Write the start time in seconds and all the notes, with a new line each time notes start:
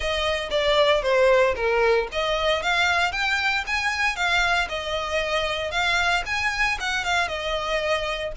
0.00 D#5
0.50 D5
1.02 C5
1.55 A#4
2.11 D#5
2.62 F5
3.12 G5
3.66 G#5
4.15 F5
4.68 D#5
5.71 F5
6.25 G#5
6.80 F#5
7.04 F5
7.28 D#5